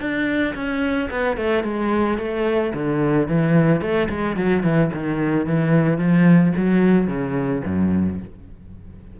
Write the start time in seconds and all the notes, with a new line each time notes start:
0.00 D4
0.55 C#4
1.10 B3
1.37 A3
1.63 G#3
2.18 A3
2.74 D3
3.28 E3
3.81 A3
4.09 G#3
4.37 F#3
4.63 E3
4.94 D#3
5.46 E3
5.98 F3
6.57 F#3
7.08 C#3
7.65 F#2